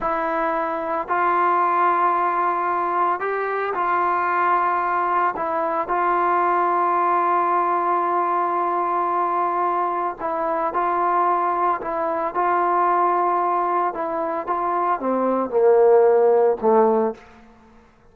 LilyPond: \new Staff \with { instrumentName = "trombone" } { \time 4/4 \tempo 4 = 112 e'2 f'2~ | f'2 g'4 f'4~ | f'2 e'4 f'4~ | f'1~ |
f'2. e'4 | f'2 e'4 f'4~ | f'2 e'4 f'4 | c'4 ais2 a4 | }